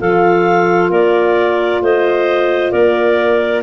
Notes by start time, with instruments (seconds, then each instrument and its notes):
0.00 tuba F3, saxophone F4, clarinet A4 F5
0.90 tuba A#3, clarinet A#4 D5
1.81 tuba A3, clarinet C5 D#5
2.71 tuba A#3, clarinet A#4 D5